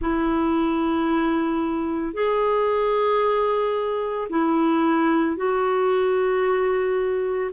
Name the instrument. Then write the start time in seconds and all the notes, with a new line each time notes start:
clarinet
0.00 E4
2.13 G#4
4.29 E4
5.36 F#4